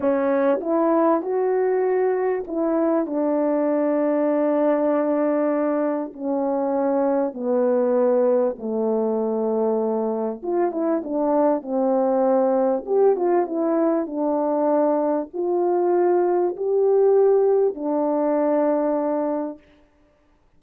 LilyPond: \new Staff \with { instrumentName = "horn" } { \time 4/4 \tempo 4 = 98 cis'4 e'4 fis'2 | e'4 d'2.~ | d'2 cis'2 | b2 a2~ |
a4 f'8 e'8 d'4 c'4~ | c'4 g'8 f'8 e'4 d'4~ | d'4 f'2 g'4~ | g'4 d'2. | }